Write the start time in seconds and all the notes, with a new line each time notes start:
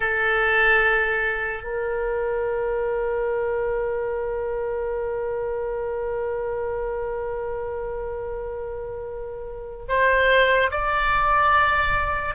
0.00 A4
1.63 A#4
9.88 C5
10.70 D5